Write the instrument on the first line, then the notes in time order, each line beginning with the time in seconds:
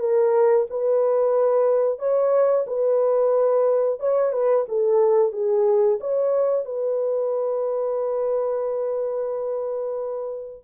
horn
0.00 A#4
0.70 B4
1.99 C#5
2.67 B4
4.00 C#5
4.33 B4
4.69 A4
5.33 G#4
6.01 C#5
6.65 B4